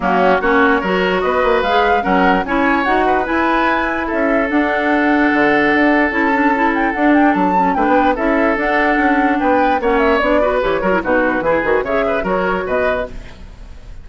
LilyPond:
<<
  \new Staff \with { instrumentName = "flute" } { \time 4/4 \tempo 4 = 147 fis'4 cis''2 dis''4 | f''4 fis''4 gis''4 fis''4 | gis''2 e''4 fis''4~ | fis''2. a''4~ |
a''8 g''8 fis''8 g''8 a''4 g''4 | e''4 fis''2 g''4 | fis''8 e''8 d''4 cis''4 b'4~ | b'4 e''4 cis''4 dis''4 | }
  \new Staff \with { instrumentName = "oboe" } { \time 4/4 cis'4 fis'4 ais'4 b'4~ | b'4 ais'4 cis''4. b'8~ | b'2 a'2~ | a'1~ |
a'2. b'4 | a'2. b'4 | cis''4. b'4 ais'8 fis'4 | gis'4 cis''8 b'8 ais'4 b'4 | }
  \new Staff \with { instrumentName = "clarinet" } { \time 4/4 ais4 cis'4 fis'2 | gis'4 cis'4 e'4 fis'4 | e'2. d'4~ | d'2. e'8 d'8 |
e'4 d'4. cis'8 d'4 | e'4 d'2. | cis'4 d'8 fis'8 g'8 fis'16 e'16 dis'4 | e'8 fis'8 gis'4 fis'2 | }
  \new Staff \with { instrumentName = "bassoon" } { \time 4/4 fis4 ais4 fis4 b8 ais8 | gis4 fis4 cis'4 dis'4 | e'2 cis'4 d'4~ | d'4 d4 d'4 cis'4~ |
cis'4 d'4 fis4 a16 b8. | cis'4 d'4 cis'4 b4 | ais4 b4 e8 fis8 b,4 | e8 dis8 cis4 fis4 b,4 | }
>>